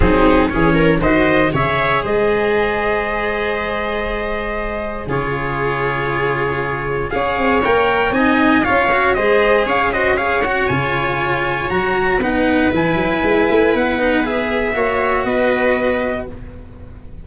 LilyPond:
<<
  \new Staff \with { instrumentName = "trumpet" } { \time 4/4 \tempo 4 = 118 gis'4 cis''4 dis''4 e''4 | dis''1~ | dis''2 cis''2~ | cis''2 f''4 g''4 |
gis''4 f''4 dis''4 f''8 dis''8 | f''8 fis''8 gis''2 ais''4 | fis''4 gis''2 fis''4 | e''2 dis''2 | }
  \new Staff \with { instrumentName = "viola" } { \time 4/4 dis'4 gis'8 ais'8 c''4 cis''4 | c''1~ | c''2 gis'2~ | gis'2 cis''2 |
dis''4 cis''4 c''4 cis''8 c''8 | cis''1 | b'1~ | b'4 cis''4 b'2 | }
  \new Staff \with { instrumentName = "cello" } { \time 4/4 c'4 cis'4 fis'4 gis'4~ | gis'1~ | gis'2 f'2~ | f'2 gis'4 ais'4 |
dis'4 f'8 fis'8 gis'4. fis'8 | gis'8 fis'8 f'2 fis'4 | dis'4 e'2~ e'8 dis'8 | gis'4 fis'2. | }
  \new Staff \with { instrumentName = "tuba" } { \time 4/4 fis4 e4 dis4 cis4 | gis1~ | gis2 cis2~ | cis2 cis'8 c'8 ais4 |
c'4 cis'4 gis4 cis'4~ | cis'4 cis2 fis4 | b4 e8 fis8 gis8 a8 b4~ | b4 ais4 b2 | }
>>